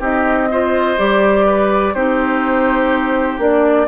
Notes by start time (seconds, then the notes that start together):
0.00 C4 D#4 G4 D#5
0.51 F4 C5
0.98 G3 G4 D5
1.46 B4
1.94 C4 D#4 G4 C5
3.39 A#3 D4 D5